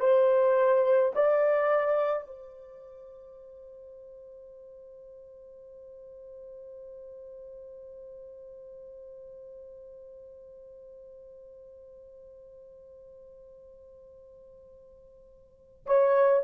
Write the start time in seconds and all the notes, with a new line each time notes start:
0.00 C5
1.15 D5
2.27 C5
15.86 C#5